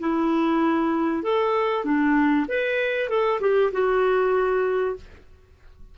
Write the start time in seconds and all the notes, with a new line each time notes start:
0.00 E4
1.23 A4
1.84 D4
2.48 B4
3.10 A4
3.40 G4
3.73 F#4